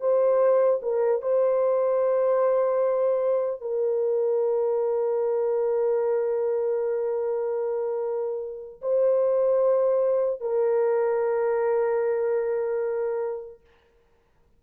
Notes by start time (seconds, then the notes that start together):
0.00 C5
0.82 A#4
1.22 C5
3.61 A#4
8.81 C5
10.41 A#4